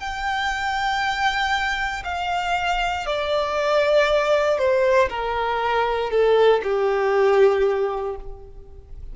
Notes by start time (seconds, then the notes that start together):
0.00 G5
2.05 F5
3.06 D5
4.59 C5
5.10 A#4
6.11 A4
6.64 G4